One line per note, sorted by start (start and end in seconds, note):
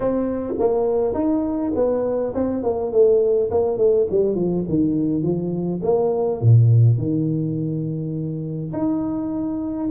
0.00 0.54 C4
0.59 1.14 A#3
1.14 1.72 D#4
1.75 2.33 B3
2.34 2.63 C4
2.63 2.92 A#3
2.92 3.50 A3
3.50 3.77 A#3
3.77 4.06 A3
4.10 4.35 G3
4.35 4.64 F3
4.69 5.22 D#3
5.22 5.81 F3
5.83 6.41 A#3
6.41 6.97 A#2
6.97 8.72 D#3
8.72 9.89 D#4